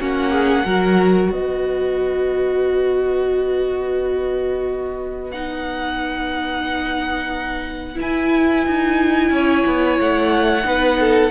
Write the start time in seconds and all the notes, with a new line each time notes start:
0.00 A#3 C#4 F#4 F#5
0.31 G#4
0.65 F#3 F#4 A#4
1.31 B3 B4 D#5
5.32 D#4 F#5
7.95 E4
8.01 G#5
8.67 D#4
9.31 C#4 C#5
9.66 B3
10.00 A3 F#5
10.64 B3 D#4 B4
11.01 A4